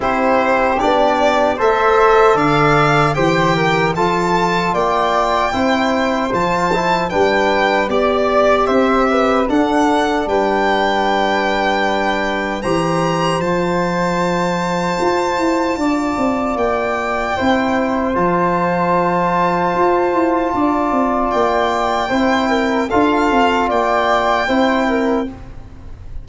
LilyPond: <<
  \new Staff \with { instrumentName = "violin" } { \time 4/4 \tempo 4 = 76 c''4 d''4 e''4 f''4 | g''4 a''4 g''2 | a''4 g''4 d''4 e''4 | fis''4 g''2. |
ais''4 a''2.~ | a''4 g''2 a''4~ | a''2. g''4~ | g''4 f''4 g''2 | }
  \new Staff \with { instrumentName = "flute" } { \time 4/4 g'2 c''4 d''4 | c''8 ais'8 a'4 d''4 c''4~ | c''4 b'4 d''4 c''8 b'8 | a'4 b'2. |
c''1 | d''2 c''2~ | c''2 d''2 | c''8 ais'8 a'4 d''4 c''8 ais'8 | }
  \new Staff \with { instrumentName = "trombone" } { \time 4/4 e'4 d'4 a'2 | g'4 f'2 e'4 | f'8 e'8 d'4 g'2 | d'1 |
g'4 f'2.~ | f'2 e'4 f'4~ | f'1 | e'4 f'2 e'4 | }
  \new Staff \with { instrumentName = "tuba" } { \time 4/4 c'4 b4 a4 d4 | e4 f4 ais4 c'4 | f4 g4 b4 c'4 | d'4 g2. |
e4 f2 f'8 e'8 | d'8 c'8 ais4 c'4 f4~ | f4 f'8 e'8 d'8 c'8 ais4 | c'4 d'8 c'8 ais4 c'4 | }
>>